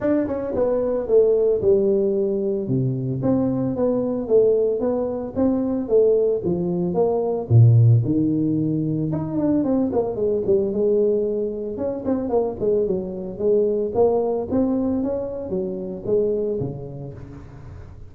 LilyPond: \new Staff \with { instrumentName = "tuba" } { \time 4/4 \tempo 4 = 112 d'8 cis'8 b4 a4 g4~ | g4 c4 c'4 b4 | a4 b4 c'4 a4 | f4 ais4 ais,4 dis4~ |
dis4 dis'8 d'8 c'8 ais8 gis8 g8 | gis2 cis'8 c'8 ais8 gis8 | fis4 gis4 ais4 c'4 | cis'4 fis4 gis4 cis4 | }